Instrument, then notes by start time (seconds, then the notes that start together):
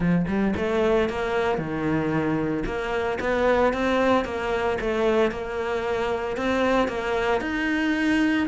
cello
0.00 F3
0.27 G3
0.56 A3
1.09 A#3
1.57 D#3
2.65 A#3
3.20 B3
3.73 C4
4.24 A#3
4.81 A3
5.31 A#3
6.36 C4
6.88 A#3
7.41 D#4